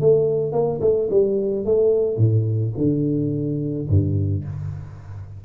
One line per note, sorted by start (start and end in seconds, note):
0.00 0.52 A3
0.52 0.80 A#3
0.81 1.09 A3
1.10 1.65 G3
1.65 2.17 A3
2.17 2.73 A2
2.77 3.88 D3
3.89 4.44 G2